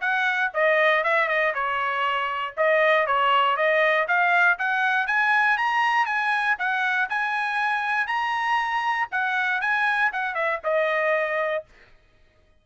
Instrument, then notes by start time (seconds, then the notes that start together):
trumpet
0.00 F#5
0.53 D#5
1.03 E5
1.28 D#5
1.54 C#5
2.56 D#5
3.06 C#5
3.56 D#5
4.07 F5
4.58 F#5
5.06 G#5
5.57 A#5
6.05 G#5
6.58 F#5
7.09 G#5
8.07 A#5
9.11 F#5
9.61 G#5
10.12 F#5
10.34 E5
10.63 D#5